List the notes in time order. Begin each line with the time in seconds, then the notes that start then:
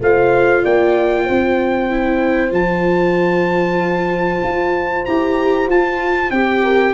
0.00 A3 F4 C5 F5
0.63 A#3 D5 G5
1.24 C4 C5
1.90 E4
2.51 F3 F4 A5
4.43 F4
5.05 E4 G4 A#5
5.67 F4 A5
6.30 C4 G4 G5
6.62 A#4